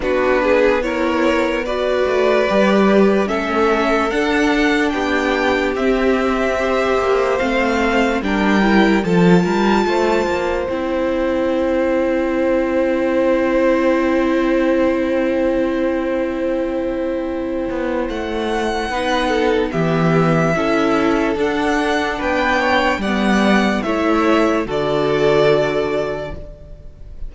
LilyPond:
<<
  \new Staff \with { instrumentName = "violin" } { \time 4/4 \tempo 4 = 73 b'4 cis''4 d''2 | e''4 fis''4 g''4 e''4~ | e''4 f''4 g''4 a''4~ | a''4 g''2.~ |
g''1~ | g''2 fis''2 | e''2 fis''4 g''4 | fis''4 e''4 d''2 | }
  \new Staff \with { instrumentName = "violin" } { \time 4/4 fis'8 gis'8 ais'4 b'2 | a'2 g'2 | c''2 ais'4 a'8 ais'8 | c''1~ |
c''1~ | c''2. b'8 a'8 | g'4 a'2 b'8 cis''8 | d''4 cis''4 a'2 | }
  \new Staff \with { instrumentName = "viola" } { \time 4/4 d'4 e'4 fis'4 g'4 | cis'4 d'2 c'4 | g'4 c'4 d'8 e'8 f'4~ | f'4 e'2.~ |
e'1~ | e'2. dis'4 | b4 e'4 d'2 | b4 e'4 fis'2 | }
  \new Staff \with { instrumentName = "cello" } { \time 4/4 b2~ b8 a8 g4 | a4 d'4 b4 c'4~ | c'8 ais8 a4 g4 f8 g8 | a8 ais8 c'2.~ |
c'1~ | c'4. b8 a4 b4 | e4 cis'4 d'4 b4 | g4 a4 d2 | }
>>